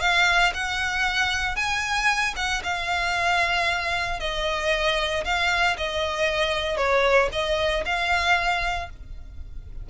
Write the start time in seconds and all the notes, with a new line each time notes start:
0.00 F5
0.54 F#5
1.56 G#5
2.36 F#5
2.63 F5
4.20 D#5
5.24 F5
5.77 D#5
6.77 C#5
7.32 D#5
7.85 F5